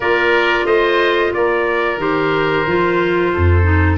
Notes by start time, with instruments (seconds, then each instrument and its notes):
0.00 tuba A#3, clarinet F4, oboe A#4, trumpet D5
0.65 tuba A3, oboe C5, trumpet D#5
1.33 tuba A#3, oboe A#4, trumpet D5
1.97 tuba D#3, clarinet G4, trumpet C5
2.67 tuba F3, clarinet F4
3.33 tuba F2, oboe A4
3.63 clarinet D#4